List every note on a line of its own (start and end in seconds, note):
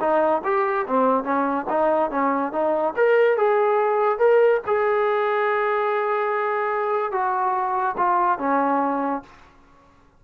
0.00 0.42 D#4
0.44 0.86 G4
0.87 1.24 C4
1.24 1.66 C#4
1.69 2.11 D#4
2.11 2.52 C#4
2.52 2.94 D#4
2.96 3.37 A#4
3.37 4.18 G#4
4.18 4.60 A#4
4.67 7.12 G#4
7.12 7.96 F#4
7.97 8.39 F4
8.39 9.23 C#4